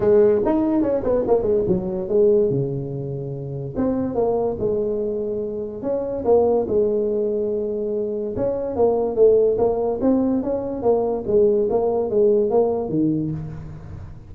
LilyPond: \new Staff \with { instrumentName = "tuba" } { \time 4/4 \tempo 4 = 144 gis4 dis'4 cis'8 b8 ais8 gis8 | fis4 gis4 cis2~ | cis4 c'4 ais4 gis4~ | gis2 cis'4 ais4 |
gis1 | cis'4 ais4 a4 ais4 | c'4 cis'4 ais4 gis4 | ais4 gis4 ais4 dis4 | }